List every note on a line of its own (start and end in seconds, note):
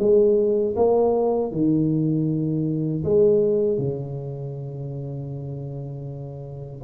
0.00 0.76 G#3
0.76 1.52 A#3
1.52 3.04 D#3
3.04 3.78 G#3
3.78 6.82 C#3